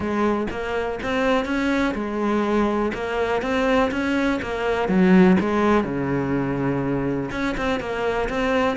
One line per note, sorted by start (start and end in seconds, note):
0.00 0.47 G#3
0.50 0.99 A#3
1.02 1.45 C4
1.45 1.94 C#4
1.94 2.91 G#3
2.94 3.42 A#3
3.42 3.90 C4
3.91 4.39 C#4
4.42 4.88 A#3
4.88 5.37 F#3
5.39 5.84 G#3
5.84 7.30 C#3
7.31 7.55 C#4
7.57 7.80 C4
7.80 8.28 A#3
8.29 8.76 C4